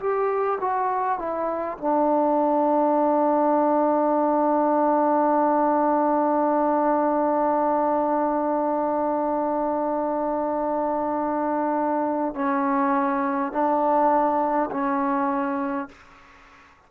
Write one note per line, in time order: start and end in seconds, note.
0.00 0.59 G4
0.61 1.19 F#4
1.19 1.78 E4
1.78 12.35 D4
12.35 13.52 C#4
13.52 14.70 D4
14.71 15.89 C#4